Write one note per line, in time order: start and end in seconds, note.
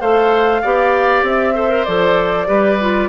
0.00 0.63 A3
0.00 0.62 A4
0.00 0.62 C5
0.00 1.24 F5
0.62 1.23 B3
0.62 1.55 G4
0.62 1.55 D5
1.23 1.85 C4
1.23 1.84 E5
1.55 1.69 A4
1.55 2.47 C5
1.69 1.85 A#4
1.84 2.49 F3
1.84 2.47 A4
1.84 3.08 D5
2.47 3.09 G3
2.47 2.78 G4
2.47 3.09 B4
2.81 3.09 F4